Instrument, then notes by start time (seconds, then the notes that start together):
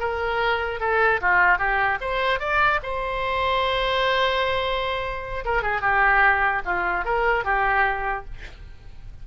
oboe
0.00 A#4
0.80 A4
1.22 F4
1.59 G4
2.01 C5
2.40 D5
2.83 C5
5.45 A#4
5.63 G#4
5.82 G4
6.65 F4
7.05 A#4
7.45 G4